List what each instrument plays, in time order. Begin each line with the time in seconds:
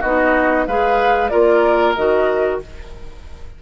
0.00 bassoon B3, clarinet D#4, oboe F#4, flute D#5
0.66 bassoon G#3, clarinet G#4, oboe B4, flute F5
1.29 bassoon A#3, clarinet F4, oboe A#4, flute D5
1.95 bassoon D#3, clarinet F#4, flute D#5